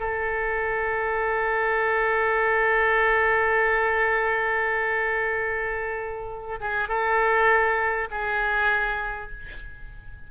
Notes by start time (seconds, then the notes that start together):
0.00 A4
6.61 G#4
6.89 A4
8.11 G#4